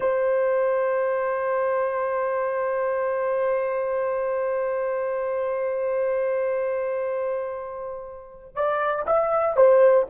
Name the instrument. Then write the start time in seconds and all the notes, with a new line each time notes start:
horn
0.00 C5
8.55 D5
9.06 E5
9.56 C5